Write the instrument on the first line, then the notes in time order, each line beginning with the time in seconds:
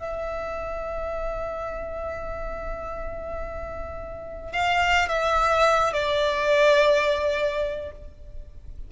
violin
0.00 E5
4.53 F5
5.09 E5
5.93 D5